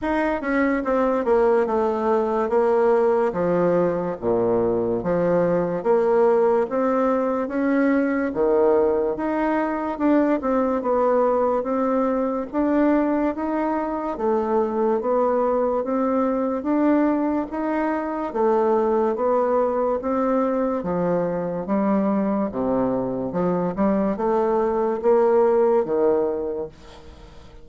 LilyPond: \new Staff \with { instrumentName = "bassoon" } { \time 4/4 \tempo 4 = 72 dis'8 cis'8 c'8 ais8 a4 ais4 | f4 ais,4 f4 ais4 | c'4 cis'4 dis4 dis'4 | d'8 c'8 b4 c'4 d'4 |
dis'4 a4 b4 c'4 | d'4 dis'4 a4 b4 | c'4 f4 g4 c4 | f8 g8 a4 ais4 dis4 | }